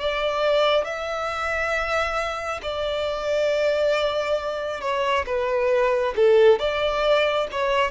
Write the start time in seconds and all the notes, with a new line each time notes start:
0.00 D5
0.85 E5
2.63 D5
4.81 C#5
5.26 B4
6.16 A4
6.60 D5
7.52 C#5